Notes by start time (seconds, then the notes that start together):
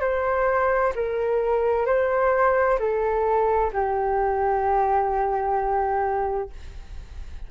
0.00 C5
0.95 A#4
1.86 C5
2.79 A4
3.72 G4